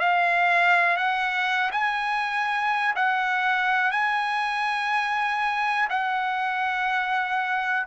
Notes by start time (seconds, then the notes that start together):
0.00 F5
0.97 F#5
1.72 G#5
2.96 F#5
3.92 G#5
5.90 F#5